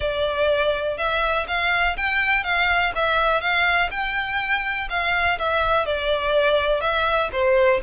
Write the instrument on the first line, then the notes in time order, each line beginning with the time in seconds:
violin
0.00 D5
0.97 E5
1.47 F5
1.96 G5
2.43 F5
2.95 E5
3.40 F5
3.90 G5
4.89 F5
5.38 E5
5.85 D5
6.80 E5
7.32 C5